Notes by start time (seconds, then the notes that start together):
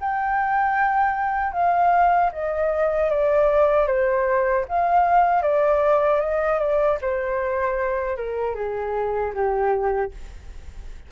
0.00 G5
1.53 F5
2.32 D#5
3.10 D5
3.87 C5
4.68 F5
5.42 D5
6.20 D#5
6.59 D5
7.01 C5
8.17 A#4
8.55 G#4
9.34 G4